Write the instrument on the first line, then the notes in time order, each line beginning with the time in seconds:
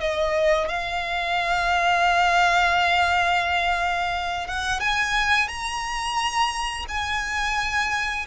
violin
0.00 D#5
0.68 F5
4.47 F#5
4.80 G#5
5.48 A#5
6.88 G#5